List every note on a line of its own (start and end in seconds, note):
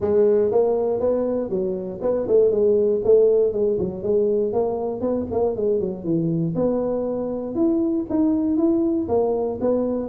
0.00 0.51 G#3
0.51 0.99 A#3
0.99 1.49 B3
1.49 2.00 F#3
2.01 2.26 B3
2.27 2.50 A3
2.50 3.01 G#3
3.04 3.52 A3
3.52 3.78 G#3
3.79 4.02 F#3
4.02 4.52 G#3
4.52 5.00 A#3
5.00 5.26 B3
5.31 5.56 A#3
5.56 5.79 G#3
5.79 6.03 F#3
6.03 6.54 E3
6.55 7.55 B3
7.55 8.05 E4
8.09 8.57 D#4
8.57 9.07 E4
9.08 9.59 A#3
9.60 10.09 B3